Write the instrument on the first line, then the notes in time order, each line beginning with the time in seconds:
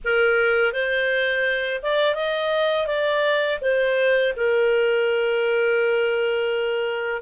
clarinet
0.04 A#4
0.72 C5
1.82 D5
2.14 D#5
2.87 D5
3.61 C5
4.36 A#4